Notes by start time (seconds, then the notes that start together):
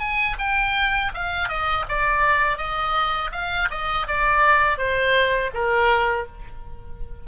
0.00 G#5
0.39 G5
1.15 F5
1.49 D#5
1.89 D5
2.58 D#5
3.32 F5
3.71 D#5
4.08 D5
4.78 C5
5.54 A#4